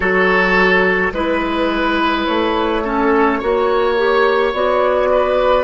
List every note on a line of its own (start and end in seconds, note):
0.00 1.12 F#3
0.00 1.12 F#4
0.00 1.12 A4
0.00 1.12 C#5
1.12 2.25 G#3
1.12 2.84 E4
1.12 2.26 B4
1.12 2.83 B4
2.26 3.41 A3
2.26 4.52 C#5
2.83 3.40 C#4
2.83 3.38 A4
3.38 4.53 A#3
3.38 3.96 F#4
3.38 5.08 C#5
3.96 4.53 G4
4.53 5.64 B3
4.53 5.64 F#4
4.53 5.64 D5
5.11 5.64 B4